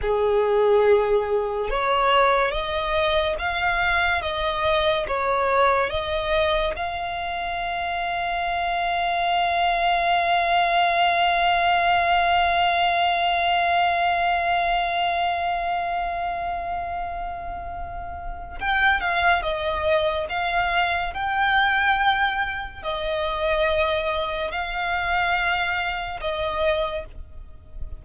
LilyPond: \new Staff \with { instrumentName = "violin" } { \time 4/4 \tempo 4 = 71 gis'2 cis''4 dis''4 | f''4 dis''4 cis''4 dis''4 | f''1~ | f''1~ |
f''1~ | f''2 g''8 f''8 dis''4 | f''4 g''2 dis''4~ | dis''4 f''2 dis''4 | }